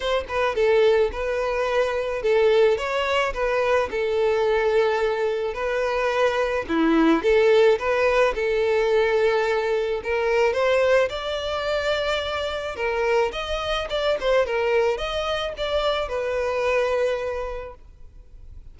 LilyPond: \new Staff \with { instrumentName = "violin" } { \time 4/4 \tempo 4 = 108 c''8 b'8 a'4 b'2 | a'4 cis''4 b'4 a'4~ | a'2 b'2 | e'4 a'4 b'4 a'4~ |
a'2 ais'4 c''4 | d''2. ais'4 | dis''4 d''8 c''8 ais'4 dis''4 | d''4 b'2. | }